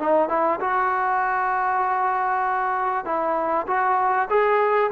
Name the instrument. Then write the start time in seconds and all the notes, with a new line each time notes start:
trombone
0.00 D#4
0.29 E4
0.61 F#4
3.06 E4
3.68 F#4
4.30 G#4